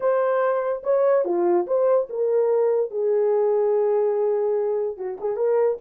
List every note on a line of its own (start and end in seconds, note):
0.00 0.82 C5
0.83 1.24 C#5
1.25 1.66 F4
1.66 2.08 C5
2.09 2.91 A#4
2.91 4.97 G#4
4.97 5.18 F#4
5.20 5.36 G#4
5.36 5.77 A#4